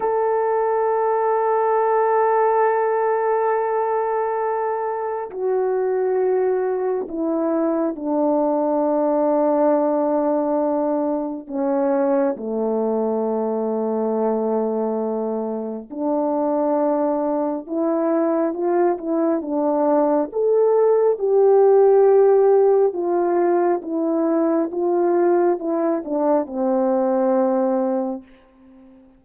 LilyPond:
\new Staff \with { instrumentName = "horn" } { \time 4/4 \tempo 4 = 68 a'1~ | a'2 fis'2 | e'4 d'2.~ | d'4 cis'4 a2~ |
a2 d'2 | e'4 f'8 e'8 d'4 a'4 | g'2 f'4 e'4 | f'4 e'8 d'8 c'2 | }